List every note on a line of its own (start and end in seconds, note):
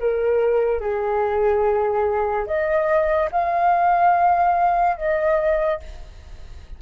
0.00 0.81 A#4
0.81 2.47 G#4
2.47 3.30 D#5
3.32 4.97 F5
4.97 5.80 D#5